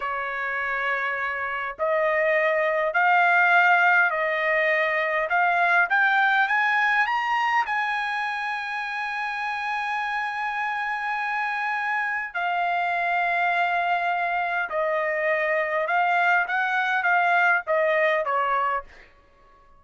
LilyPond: \new Staff \with { instrumentName = "trumpet" } { \time 4/4 \tempo 4 = 102 cis''2. dis''4~ | dis''4 f''2 dis''4~ | dis''4 f''4 g''4 gis''4 | ais''4 gis''2.~ |
gis''1~ | gis''4 f''2.~ | f''4 dis''2 f''4 | fis''4 f''4 dis''4 cis''4 | }